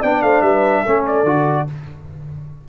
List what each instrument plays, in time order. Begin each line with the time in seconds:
0.00 tuba B3, trombone D4, horn D5, trumpet G5
0.23 tuba A3, horn C5, trumpet F5
0.42 tuba G3, horn B4, trumpet E5
0.83 tuba A3, trombone C#4, horn A4
1.07 trumpet D5
1.24 tuba D3, trombone F#4